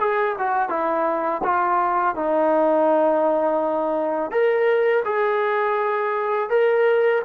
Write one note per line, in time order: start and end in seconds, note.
0.00 0.36 G#4
0.39 0.70 F#4
0.70 1.42 E4
1.44 2.16 F4
2.16 4.32 D#4
4.32 5.04 A#4
5.05 6.50 G#4
6.50 7.23 A#4